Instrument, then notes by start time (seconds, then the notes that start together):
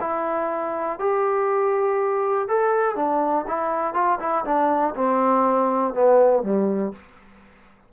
trombone
0.00 E4
0.99 G4
2.48 A4
2.95 D4
3.47 E4
3.94 F4
4.19 E4
4.44 D4
4.95 C4
5.94 B3
6.43 G3